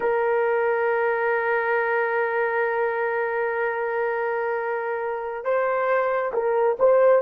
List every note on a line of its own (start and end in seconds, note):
0.00 5.44 A#4
5.44 6.32 C5
6.33 6.77 A#4
6.79 7.22 C5